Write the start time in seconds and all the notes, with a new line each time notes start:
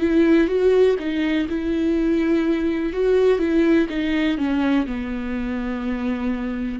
0.00 E4
0.48 F#4
0.99 D#4
1.49 E4
2.93 F#4
3.39 E4
3.89 D#4
4.37 C#4
4.87 B3